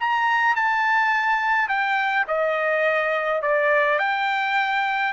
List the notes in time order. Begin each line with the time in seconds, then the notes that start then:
0.00 A#5
0.55 A5
1.68 G5
2.27 D#5
3.42 D5
3.99 G5